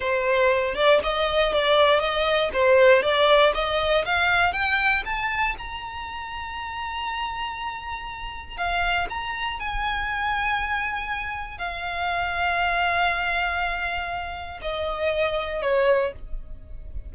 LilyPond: \new Staff \with { instrumentName = "violin" } { \time 4/4 \tempo 4 = 119 c''4. d''8 dis''4 d''4 | dis''4 c''4 d''4 dis''4 | f''4 g''4 a''4 ais''4~ | ais''1~ |
ais''4 f''4 ais''4 gis''4~ | gis''2. f''4~ | f''1~ | f''4 dis''2 cis''4 | }